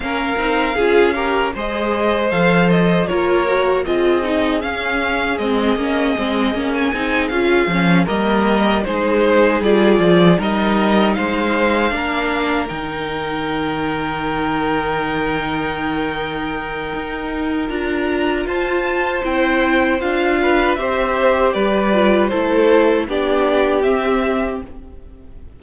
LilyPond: <<
  \new Staff \with { instrumentName = "violin" } { \time 4/4 \tempo 4 = 78 f''2 dis''4 f''8 dis''8 | cis''4 dis''4 f''4 dis''4~ | dis''8. gis''8. f''4 dis''4 c''8~ | c''8 d''4 dis''4 f''4.~ |
f''8 g''2.~ g''8~ | g''2. ais''4 | a''4 g''4 f''4 e''4 | d''4 c''4 d''4 e''4 | }
  \new Staff \with { instrumentName = "violin" } { \time 4/4 ais'4 gis'8 ais'8 c''2 | ais'4 gis'2.~ | gis'2~ gis'8 ais'4 gis'8~ | gis'4. ais'4 c''4 ais'8~ |
ais'1~ | ais'1 | c''2~ c''8 b'8 c''4 | b'4 a'4 g'2 | }
  \new Staff \with { instrumentName = "viola" } { \time 4/4 cis'8 dis'8 f'8 g'8 gis'4 a'4 | f'8 fis'8 f'8 dis'8 cis'4 c'8 cis'8 | c'8 cis'8 dis'8 f'8 cis'8 ais4 dis'8~ | dis'8 f'4 dis'2 d'8~ |
d'8 dis'2.~ dis'8~ | dis'2. f'4~ | f'4 e'4 f'4 g'4~ | g'8 f'8 e'4 d'4 c'4 | }
  \new Staff \with { instrumentName = "cello" } { \time 4/4 ais8 c'8 cis'4 gis4 f4 | ais4 c'4 cis'4 gis8 ais8 | gis8 ais8 c'8 cis'8 f8 g4 gis8~ | gis8 g8 f8 g4 gis4 ais8~ |
ais8 dis2.~ dis8~ | dis2 dis'4 d'4 | f'4 c'4 d'4 c'4 | g4 a4 b4 c'4 | }
>>